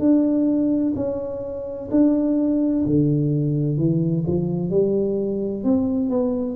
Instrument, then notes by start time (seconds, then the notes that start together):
tuba
0.00 D4
0.96 C#4
1.91 D4
2.86 D3
3.78 E3
4.27 F3
4.70 G3
5.64 C4
6.10 B3